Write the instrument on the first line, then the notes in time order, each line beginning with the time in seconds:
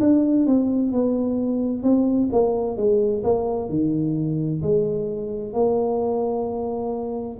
tuba
0.00 D4
0.47 C4
0.92 B3
1.83 C4
2.32 A#3
2.77 G#3
3.23 A#3
3.69 D#3
4.62 G#3
5.53 A#3